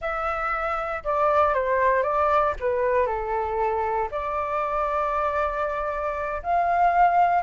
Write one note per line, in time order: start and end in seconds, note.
0.01 1.03 E5
1.03 1.54 D5
1.54 2.02 C5
2.02 2.54 D5
2.59 3.06 B4
3.06 4.09 A4
4.11 6.42 D5
6.42 7.42 F5